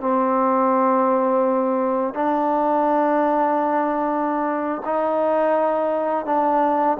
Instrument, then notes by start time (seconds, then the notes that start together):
trombone
0.00 C4
2.14 D4
4.85 D#4
6.26 D4